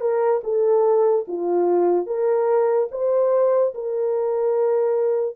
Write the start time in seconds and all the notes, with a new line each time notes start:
0.00 A#4
0.43 A4
1.27 F4
2.06 A#4
2.91 C5
3.74 A#4